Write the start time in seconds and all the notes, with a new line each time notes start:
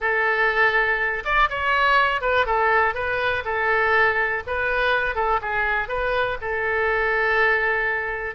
0.00 A4
1.24 D5
1.49 C#5
2.21 B4
2.45 A4
2.94 B4
3.44 A4
4.46 B4
5.15 A4
5.41 G#4
5.88 B4
6.41 A4